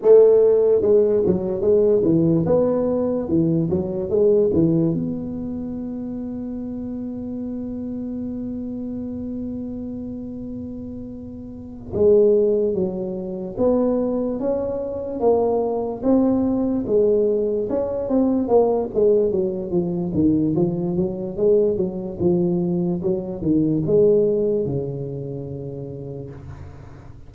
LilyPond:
\new Staff \with { instrumentName = "tuba" } { \time 4/4 \tempo 4 = 73 a4 gis8 fis8 gis8 e8 b4 | e8 fis8 gis8 e8 b2~ | b1~ | b2~ b8 gis4 fis8~ |
fis8 b4 cis'4 ais4 c'8~ | c'8 gis4 cis'8 c'8 ais8 gis8 fis8 | f8 dis8 f8 fis8 gis8 fis8 f4 | fis8 dis8 gis4 cis2 | }